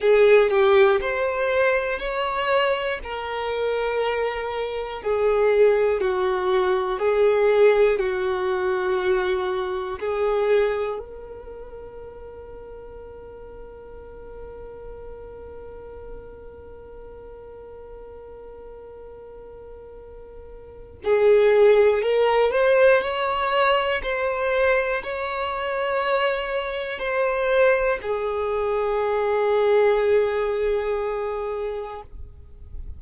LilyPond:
\new Staff \with { instrumentName = "violin" } { \time 4/4 \tempo 4 = 60 gis'8 g'8 c''4 cis''4 ais'4~ | ais'4 gis'4 fis'4 gis'4 | fis'2 gis'4 ais'4~ | ais'1~ |
ais'1~ | ais'4 gis'4 ais'8 c''8 cis''4 | c''4 cis''2 c''4 | gis'1 | }